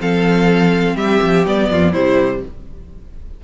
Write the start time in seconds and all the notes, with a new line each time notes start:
0.00 F3 C4 A4 F5
0.96 G3 G4 E5
1.23 F3
1.46 G3 B3 D5
1.71 F2 F4
1.93 C3 G3 E4 C5